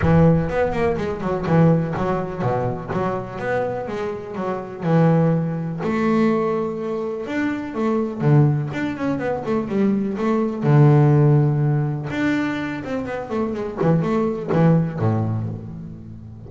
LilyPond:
\new Staff \with { instrumentName = "double bass" } { \time 4/4 \tempo 4 = 124 e4 b8 ais8 gis8 fis8 e4 | fis4 b,4 fis4 b4 | gis4 fis4 e2 | a2. d'4 |
a4 d4 d'8 cis'8 b8 a8 | g4 a4 d2~ | d4 d'4. c'8 b8 a8 | gis8 e8 a4 e4 a,4 | }